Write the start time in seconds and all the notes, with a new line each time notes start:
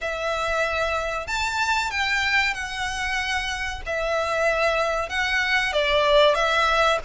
0.01 E5
1.27 A5
1.90 G5
2.54 F#5
3.86 E5
5.09 F#5
5.72 D5
6.35 E5